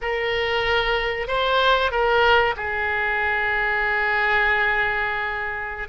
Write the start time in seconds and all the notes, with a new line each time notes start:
0.01 A#4
1.27 C5
1.91 A#4
2.56 G#4